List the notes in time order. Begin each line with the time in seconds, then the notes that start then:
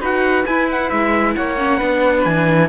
0.00 D#4 F#4 B4 F#5
0.45 E4 G#5
0.71 F#5
0.89 G#3 E5
1.35 A#3 C#5 F#5
1.57 C#4
1.77 B3 D4 B4
2.24 E3 G#5